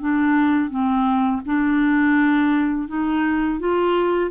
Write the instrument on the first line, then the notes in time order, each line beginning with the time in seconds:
clarinet
0.00 D4
0.70 C4
1.45 D4
2.88 D#4
3.59 F4